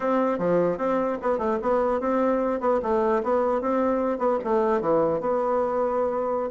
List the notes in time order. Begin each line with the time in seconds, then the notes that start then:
0.00 C4
0.38 F3
0.77 C4
1.21 B3
1.38 A3
1.61 B3
2.00 C4
2.60 B3
2.82 A3
3.23 B3
3.61 C4
4.18 B3
4.44 A3
4.80 E3
5.20 B3